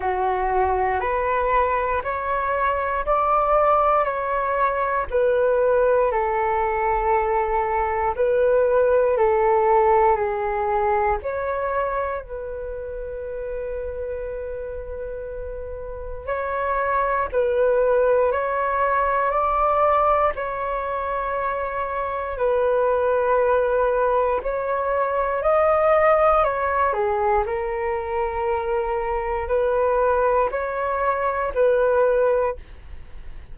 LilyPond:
\new Staff \with { instrumentName = "flute" } { \time 4/4 \tempo 4 = 59 fis'4 b'4 cis''4 d''4 | cis''4 b'4 a'2 | b'4 a'4 gis'4 cis''4 | b'1 |
cis''4 b'4 cis''4 d''4 | cis''2 b'2 | cis''4 dis''4 cis''8 gis'8 ais'4~ | ais'4 b'4 cis''4 b'4 | }